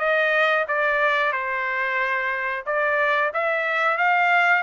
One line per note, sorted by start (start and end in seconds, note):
0.00 0.66 D#5
0.69 1.33 D5
1.33 2.65 C5
2.66 3.32 D5
3.34 3.98 E5
3.98 4.63 F5